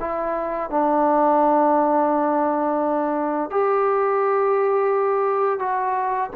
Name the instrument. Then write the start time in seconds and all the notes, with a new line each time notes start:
trombone
0.00 E4
0.70 D4
3.50 G4
5.59 F#4